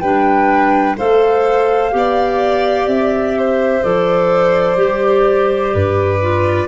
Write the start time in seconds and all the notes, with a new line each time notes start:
0.00 G3 D4 B4 G5
0.97 A3 A4 C5 F5
1.91 B3 G4 D5
2.86 C4 E5
3.38 C5
3.82 F3 A4 D5
4.76 G3 G4
5.73 G2 B4
6.21 F4